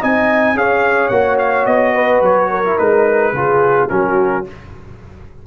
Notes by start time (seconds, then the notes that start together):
0.00 C4 D#4 D#5 G#5
0.54 C#4 G#4 C#5 F5
1.08 A#3 F#4 F#5
1.38 F5
1.66 B3 D#5
1.94 B4
2.21 F#3 C#5
2.50 A#4
2.65 E4
2.78 G#3 D#4 B4
3.33 C#3 F4 G#4
3.89 F#3 C#4 F#4 A#4